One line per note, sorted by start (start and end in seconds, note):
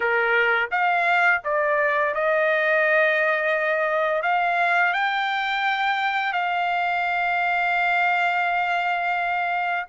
0.00 0.69 A#4
0.71 1.41 F5
1.44 2.14 D5
2.14 4.22 D#5
4.22 4.93 F5
4.93 6.32 G5
6.32 9.85 F5